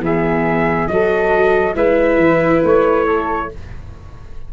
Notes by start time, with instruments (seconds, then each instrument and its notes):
0.00 tuba E3, viola B3, flute G#4, trumpet E5
0.88 tuba F#3, viola F#4, flute A4, trumpet D#5
1.75 tuba G#3, viola E4, flute B4, trumpet E5
2.18 tuba E3
2.64 tuba A3, trumpet C#5
3.05 flute A4